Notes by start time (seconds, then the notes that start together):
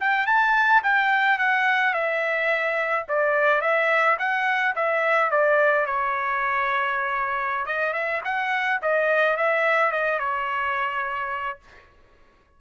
0.00 G5
0.27 A5
0.84 G5
1.38 F#5
1.94 E5
3.09 D5
3.61 E5
4.19 F#5
4.76 E5
5.31 D5
5.86 C#5
7.66 D#5
7.93 E5
8.25 F#5
8.82 D#5
9.37 E5
9.92 D#5
10.20 C#5